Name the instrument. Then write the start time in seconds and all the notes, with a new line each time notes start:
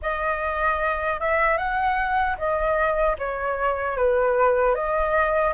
flute
0.01 D#5
1.19 E5
1.57 F#5
2.37 D#5
3.18 C#5
3.97 B4
4.74 D#5